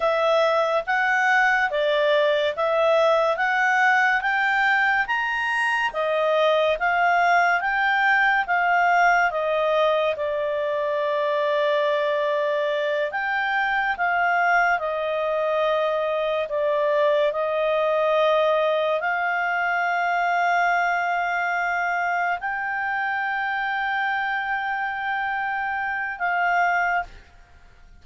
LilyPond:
\new Staff \with { instrumentName = "clarinet" } { \time 4/4 \tempo 4 = 71 e''4 fis''4 d''4 e''4 | fis''4 g''4 ais''4 dis''4 | f''4 g''4 f''4 dis''4 | d''2.~ d''8 g''8~ |
g''8 f''4 dis''2 d''8~ | d''8 dis''2 f''4.~ | f''2~ f''8 g''4.~ | g''2. f''4 | }